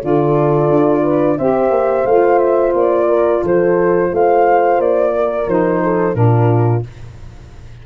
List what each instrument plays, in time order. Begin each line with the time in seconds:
0.00 tuba D3, saxophone F4, horn A4, flute D5
0.70 tuba D4
1.03 horn B4
1.38 tuba C4, saxophone G4, horn C5, flute E5
1.70 tuba A#3
2.05 tuba A3, saxophone F4, flute F5
2.38 flute E5
2.74 tuba A#3, flute D5
3.08 horn A#4
3.42 tuba F3, horn A4, flute C5
4.12 tuba A3, horn C5, flute F5
4.78 tuba A#3, flute D5
5.15 horn A#4
5.47 tuba F3, saxophone D#4, flute C5
5.83 horn A4
6.14 tuba A#2, saxophone D4, horn F4, flute A#4